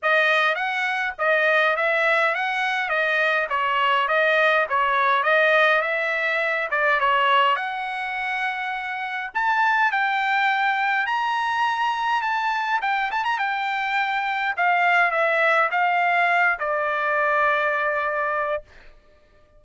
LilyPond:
\new Staff \with { instrumentName = "trumpet" } { \time 4/4 \tempo 4 = 103 dis''4 fis''4 dis''4 e''4 | fis''4 dis''4 cis''4 dis''4 | cis''4 dis''4 e''4. d''8 | cis''4 fis''2. |
a''4 g''2 ais''4~ | ais''4 a''4 g''8 a''16 ais''16 g''4~ | g''4 f''4 e''4 f''4~ | f''8 d''2.~ d''8 | }